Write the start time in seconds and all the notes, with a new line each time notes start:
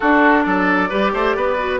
0.00 D4 F#4 A4
0.43 F#3 A4 D5
0.89 G3 G4 B4
1.13 A3 C5
1.35 B3 B4
1.58 F#4